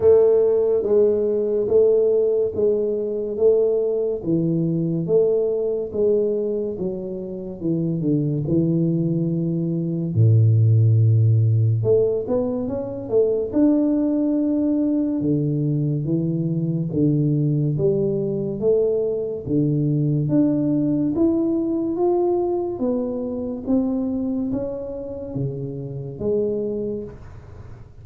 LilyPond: \new Staff \with { instrumentName = "tuba" } { \time 4/4 \tempo 4 = 71 a4 gis4 a4 gis4 | a4 e4 a4 gis4 | fis4 e8 d8 e2 | a,2 a8 b8 cis'8 a8 |
d'2 d4 e4 | d4 g4 a4 d4 | d'4 e'4 f'4 b4 | c'4 cis'4 cis4 gis4 | }